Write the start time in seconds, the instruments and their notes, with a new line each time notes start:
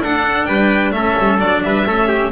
0.00 double bass D4, cello D4, trumpet A4, violin F#5
0.46 double bass G3, trumpet B4, violin G5
0.92 double bass A3, cello C#4, trumpet A4, violin E5
1.19 double bass G3
1.39 double bass F#3, cello D4, violin D5
1.63 double bass G3, trumpet B4, violin E5
1.86 double bass A3, cello C#4, trumpet A4
2.08 trumpet G4